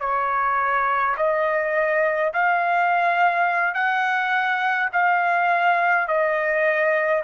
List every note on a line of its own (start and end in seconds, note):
0.00 1.15 C#5
1.17 2.32 D#5
2.33 3.74 F5
3.74 4.89 F#5
4.92 6.07 F5
6.07 7.23 D#5